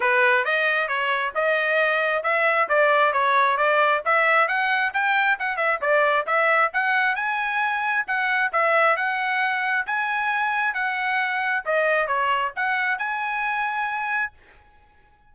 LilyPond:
\new Staff \with { instrumentName = "trumpet" } { \time 4/4 \tempo 4 = 134 b'4 dis''4 cis''4 dis''4~ | dis''4 e''4 d''4 cis''4 | d''4 e''4 fis''4 g''4 | fis''8 e''8 d''4 e''4 fis''4 |
gis''2 fis''4 e''4 | fis''2 gis''2 | fis''2 dis''4 cis''4 | fis''4 gis''2. | }